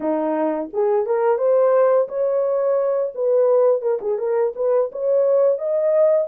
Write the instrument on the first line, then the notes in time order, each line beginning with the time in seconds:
horn
0.00 D#4
0.73 G#4
1.06 A#4
1.38 C5
2.08 C#5
3.14 B4
3.82 A#4
4.01 G#4
4.18 A#4
4.55 B4
4.92 C#5
5.58 D#5